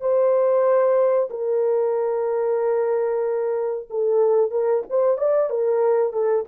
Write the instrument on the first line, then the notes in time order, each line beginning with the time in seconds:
horn
0.00 C5
1.30 A#4
3.89 A4
4.50 A#4
4.89 C5
5.17 D5
5.50 A#4
6.13 A4